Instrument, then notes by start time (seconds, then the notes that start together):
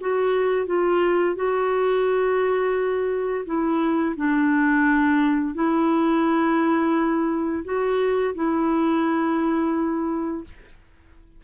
clarinet
0.00 F#4
0.66 F4
1.35 F#4
3.45 E4
4.16 D4
5.54 E4
7.64 F#4
8.34 E4